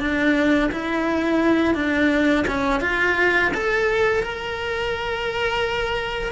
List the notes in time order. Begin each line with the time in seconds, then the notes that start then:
0.00 D4
0.72 E4
1.75 D4
2.48 C#4
2.81 F4
3.54 A4
4.23 A#4